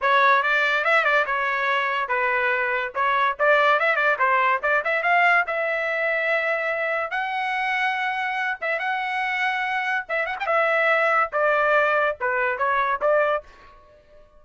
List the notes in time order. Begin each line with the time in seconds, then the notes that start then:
0.01 C#5
0.42 D5
0.84 E5
1.04 D5
1.26 C#5
2.08 B4
2.94 C#5
3.39 D5
3.79 E5
3.96 D5
4.18 C5
4.62 D5
4.84 E5
5.02 F5
5.47 E5
7.10 F#5
8.61 E5
8.79 F#5
10.09 E5
10.25 F#5
10.39 G5
10.46 E5
11.32 D5
12.20 B4
12.57 C#5
13.01 D5